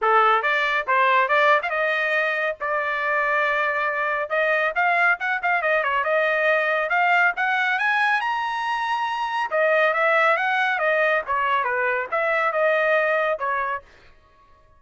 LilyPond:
\new Staff \with { instrumentName = "trumpet" } { \time 4/4 \tempo 4 = 139 a'4 d''4 c''4 d''8. f''16 | dis''2 d''2~ | d''2 dis''4 f''4 | fis''8 f''8 dis''8 cis''8 dis''2 |
f''4 fis''4 gis''4 ais''4~ | ais''2 dis''4 e''4 | fis''4 dis''4 cis''4 b'4 | e''4 dis''2 cis''4 | }